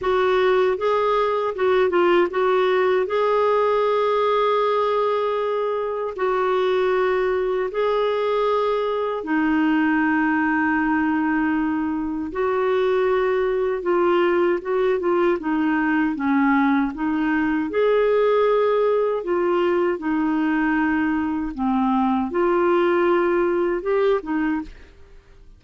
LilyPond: \new Staff \with { instrumentName = "clarinet" } { \time 4/4 \tempo 4 = 78 fis'4 gis'4 fis'8 f'8 fis'4 | gis'1 | fis'2 gis'2 | dis'1 |
fis'2 f'4 fis'8 f'8 | dis'4 cis'4 dis'4 gis'4~ | gis'4 f'4 dis'2 | c'4 f'2 g'8 dis'8 | }